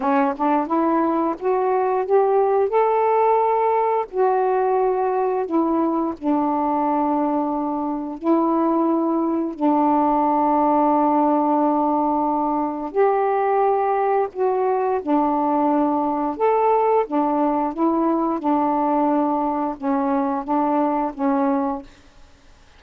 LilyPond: \new Staff \with { instrumentName = "saxophone" } { \time 4/4 \tempo 4 = 88 cis'8 d'8 e'4 fis'4 g'4 | a'2 fis'2 | e'4 d'2. | e'2 d'2~ |
d'2. g'4~ | g'4 fis'4 d'2 | a'4 d'4 e'4 d'4~ | d'4 cis'4 d'4 cis'4 | }